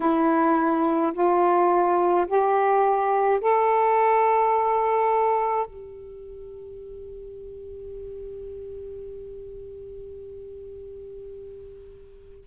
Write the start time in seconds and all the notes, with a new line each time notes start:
0.00 E4
1.13 F4
2.26 G4
3.40 A4
5.66 G4